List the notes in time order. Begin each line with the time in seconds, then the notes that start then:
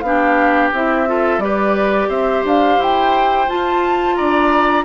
0.00 B3 D4 F5
0.07 G4
0.73 C4 E4 E5
1.07 F4 A4
1.38 G3 G4 B4 D5
2.08 C4 C5 E5
2.44 D4 F5
2.78 E4 G5
3.48 F4 A5
4.16 D4 D5 A#5